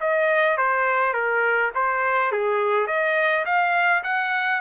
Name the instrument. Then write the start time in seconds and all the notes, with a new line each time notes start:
trumpet
0.00 D#5
0.57 C5
1.14 A#4
1.75 C5
2.32 G#4
2.87 D#5
3.45 F5
4.03 F#5